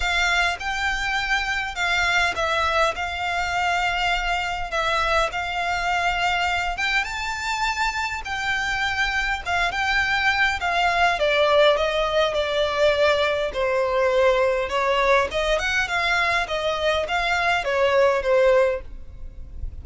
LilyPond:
\new Staff \with { instrumentName = "violin" } { \time 4/4 \tempo 4 = 102 f''4 g''2 f''4 | e''4 f''2. | e''4 f''2~ f''8 g''8 | a''2 g''2 |
f''8 g''4. f''4 d''4 | dis''4 d''2 c''4~ | c''4 cis''4 dis''8 fis''8 f''4 | dis''4 f''4 cis''4 c''4 | }